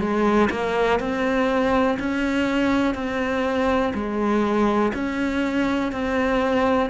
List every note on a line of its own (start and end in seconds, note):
0.00 0.49 G#3
0.50 0.99 A#3
1.00 1.98 C4
1.99 2.95 C#4
2.95 3.93 C4
3.94 4.93 G#3
4.94 5.92 C#4
5.92 6.90 C4